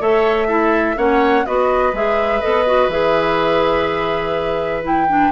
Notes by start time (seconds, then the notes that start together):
0.00 A3 A4 C#5 E5
0.48 E4 A4
0.97 A#3 C#4 C#5 F#5
1.45 B3 F#4 B4 D#5
1.93 G#3 G#4 E5
2.41 B3 A4 D#5
2.66 F#4
2.88 E3 G#4 E5
4.83 E4 G5
5.08 D4